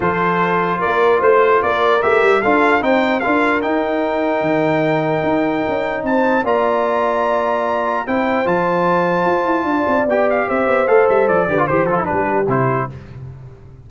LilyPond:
<<
  \new Staff \with { instrumentName = "trumpet" } { \time 4/4 \tempo 4 = 149 c''2 d''4 c''4 | d''4 e''4 f''4 g''4 | f''4 g''2.~ | g''2. a''4 |
ais''1 | g''4 a''2.~ | a''4 g''8 f''8 e''4 f''8 e''8 | d''4 c''8 a'8 b'4 c''4 | }
  \new Staff \with { instrumentName = "horn" } { \time 4/4 a'2 ais'4 c''4 | ais'2 a'4 c''4 | ais'1~ | ais'2. c''4 |
d''1 | c''1 | d''2 c''2~ | c''8 b'8 c''4 g'2 | }
  \new Staff \with { instrumentName = "trombone" } { \time 4/4 f'1~ | f'4 g'4 f'4 dis'4 | f'4 dis'2.~ | dis'1 |
f'1 | e'4 f'2.~ | f'4 g'2 a'4~ | a'8 g'16 f'16 g'8 f'16 e'16 d'4 e'4 | }
  \new Staff \with { instrumentName = "tuba" } { \time 4/4 f2 ais4 a4 | ais4 a8 g8 d'4 c'4 | d'4 dis'2 dis4~ | dis4 dis'4 cis'4 c'4 |
ais1 | c'4 f2 f'8 e'8 | d'8 c'8 b4 c'8 b8 a8 g8 | f8 d8 e8 f8 g4 c4 | }
>>